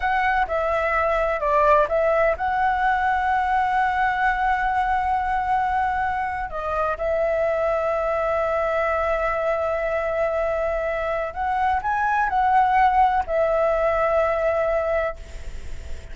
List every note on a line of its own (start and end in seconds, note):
0.00 0.46 F#5
0.47 1.39 E5
1.39 1.87 D5
1.88 2.35 E5
2.37 6.50 F#5
6.50 6.97 D#5
6.97 11.33 E5
11.33 11.80 F#5
11.82 12.29 G#5
12.29 13.23 F#5
13.26 15.15 E5